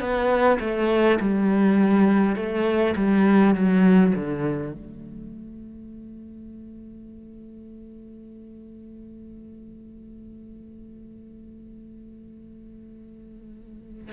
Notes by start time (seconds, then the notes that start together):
0.00 B3
0.60 A3
1.20 G3
2.36 A3
2.96 G3
3.55 F#3
4.15 D3
4.73 A3